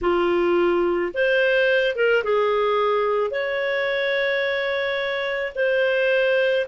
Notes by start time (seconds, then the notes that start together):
0.01 F4
1.13 C5
1.95 A#4
2.23 G#4
3.30 C#5
5.55 C5